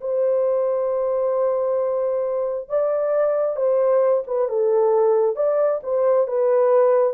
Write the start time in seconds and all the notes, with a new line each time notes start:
0.00 C5
2.69 D5
3.56 C5
4.27 B4
4.49 A4
5.36 D5
5.82 C5
6.27 B4